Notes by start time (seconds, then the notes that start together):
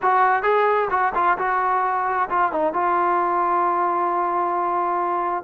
0.01 F#4
0.43 G#4
0.90 F#4
1.14 F4
1.37 F#4
2.29 F4
2.51 D#4
2.73 F4